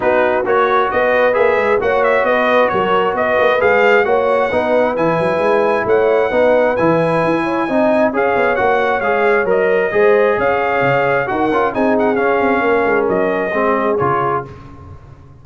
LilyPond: <<
  \new Staff \with { instrumentName = "trumpet" } { \time 4/4 \tempo 4 = 133 b'4 cis''4 dis''4 e''4 | fis''8 e''8 dis''4 cis''4 dis''4 | f''4 fis''2 gis''4~ | gis''4 fis''2 gis''4~ |
gis''2 f''4 fis''4 | f''4 dis''2 f''4~ | f''4 fis''4 gis''8 fis''8 f''4~ | f''4 dis''2 cis''4 | }
  \new Staff \with { instrumentName = "horn" } { \time 4/4 fis'2 b'2 | cis''4 b'4 ais'4 b'4~ | b'4 cis''4 b'2~ | b'4 cis''4 b'2~ |
b'8 cis''8 dis''4 cis''2~ | cis''2 c''4 cis''4~ | cis''4 ais'4 gis'2 | ais'2 gis'2 | }
  \new Staff \with { instrumentName = "trombone" } { \time 4/4 dis'4 fis'2 gis'4 | fis'1 | gis'4 fis'4 dis'4 e'4~ | e'2 dis'4 e'4~ |
e'4 dis'4 gis'4 fis'4 | gis'4 ais'4 gis'2~ | gis'4 fis'8 f'8 dis'4 cis'4~ | cis'2 c'4 f'4 | }
  \new Staff \with { instrumentName = "tuba" } { \time 4/4 b4 ais4 b4 ais8 gis8 | ais4 b4 fis4 b8 ais8 | gis4 ais4 b4 e8 fis8 | gis4 a4 b4 e4 |
e'4 c'4 cis'8 b8 ais4 | gis4 fis4 gis4 cis'4 | cis4 dis'8 cis'8 c'4 cis'8 c'8 | ais8 gis8 fis4 gis4 cis4 | }
>>